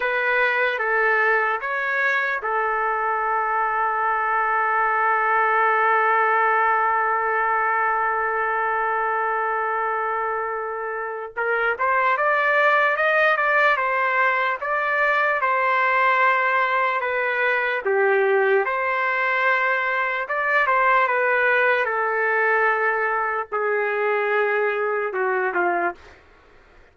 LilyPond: \new Staff \with { instrumentName = "trumpet" } { \time 4/4 \tempo 4 = 74 b'4 a'4 cis''4 a'4~ | a'1~ | a'1~ | a'2 ais'8 c''8 d''4 |
dis''8 d''8 c''4 d''4 c''4~ | c''4 b'4 g'4 c''4~ | c''4 d''8 c''8 b'4 a'4~ | a'4 gis'2 fis'8 f'8 | }